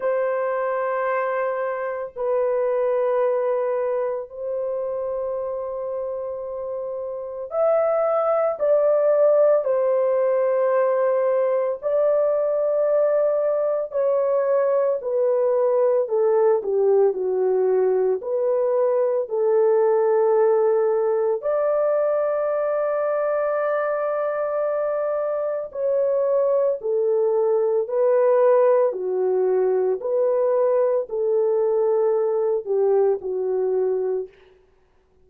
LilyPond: \new Staff \with { instrumentName = "horn" } { \time 4/4 \tempo 4 = 56 c''2 b'2 | c''2. e''4 | d''4 c''2 d''4~ | d''4 cis''4 b'4 a'8 g'8 |
fis'4 b'4 a'2 | d''1 | cis''4 a'4 b'4 fis'4 | b'4 a'4. g'8 fis'4 | }